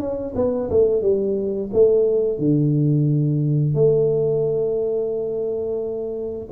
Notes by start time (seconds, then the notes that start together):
0.00 C#4
0.36 B3
0.70 A3
1.02 G3
1.73 A3
2.39 D3
3.75 A3